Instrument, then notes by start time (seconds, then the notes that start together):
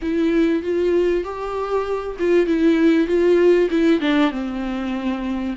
viola
0.02 E4
0.62 F4
1.23 G4
2.19 F4
2.46 E4
3.07 F4
3.70 E4
4.00 D4
4.31 C4